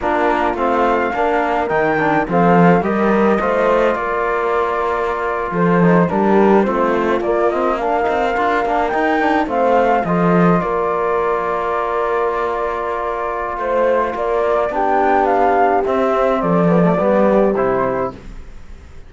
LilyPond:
<<
  \new Staff \with { instrumentName = "flute" } { \time 4/4 \tempo 4 = 106 ais'4 f''2 g''4 | f''4 dis''2 d''4~ | d''4.~ d''16 c''4 ais'4 c''16~ | c''8. d''8 dis''8 f''2 g''16~ |
g''8. f''4 dis''4 d''4~ d''16~ | d''1 | c''4 d''4 g''4 f''4 | e''4 d''2 c''4 | }
  \new Staff \with { instrumentName = "horn" } { \time 4/4 f'2 ais'2 | a'4 ais'4 c''4 ais'4~ | ais'4.~ ais'16 a'4 g'4 f'16~ | f'4.~ f'16 ais'2~ ais'16~ |
ais'8. c''4 a'4 ais'4~ ais'16~ | ais'1 | c''4 ais'4 g'2~ | g'4 a'4 g'2 | }
  \new Staff \with { instrumentName = "trombone" } { \time 4/4 d'4 c'4 d'4 dis'8 d'8 | c'4 g'4 f'2~ | f'2~ f'16 dis'8 d'4 c'16~ | c'8. ais8 c'8 d'8 dis'8 f'8 d'8 dis'16~ |
dis'16 d'8 c'4 f'2~ f'16~ | f'1~ | f'2 d'2 | c'4. b16 a16 b4 e'4 | }
  \new Staff \with { instrumentName = "cello" } { \time 4/4 ais4 a4 ais4 dis4 | f4 g4 a4 ais4~ | ais4.~ ais16 f4 g4 a16~ | a8. ais4. c'8 d'8 ais8 dis'16~ |
dis'8. a4 f4 ais4~ ais16~ | ais1 | a4 ais4 b2 | c'4 f4 g4 c4 | }
>>